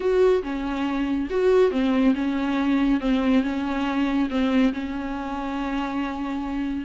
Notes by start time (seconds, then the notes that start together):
0.00 F#4
0.42 C#4
1.30 F#4
1.71 C4
2.14 C#4
3.00 C4
3.43 C#4
4.30 C4
4.73 C#4